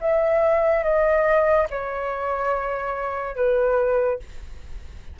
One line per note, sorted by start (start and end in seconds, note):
0.00 0.83 E5
0.83 1.67 D#5
1.70 3.36 C#5
3.36 4.19 B4